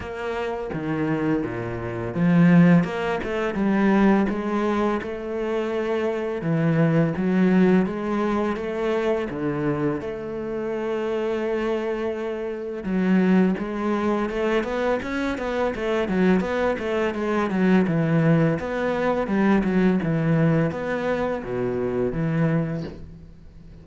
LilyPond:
\new Staff \with { instrumentName = "cello" } { \time 4/4 \tempo 4 = 84 ais4 dis4 ais,4 f4 | ais8 a8 g4 gis4 a4~ | a4 e4 fis4 gis4 | a4 d4 a2~ |
a2 fis4 gis4 | a8 b8 cis'8 b8 a8 fis8 b8 a8 | gis8 fis8 e4 b4 g8 fis8 | e4 b4 b,4 e4 | }